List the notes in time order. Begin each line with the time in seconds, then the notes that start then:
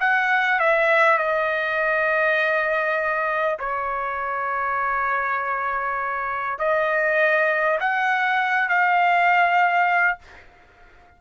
0.00 F#5
0.59 E5
1.18 D#5
3.59 C#5
6.58 D#5
7.80 F#5
8.68 F5